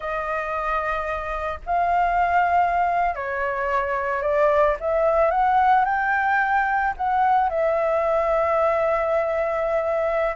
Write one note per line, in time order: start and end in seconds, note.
0.00 1.59 D#5
1.66 3.15 F5
3.15 4.21 C#5
4.21 4.76 D5
4.80 5.30 E5
5.30 5.84 F#5
5.84 6.93 G5
6.96 7.49 F#5
7.49 10.35 E5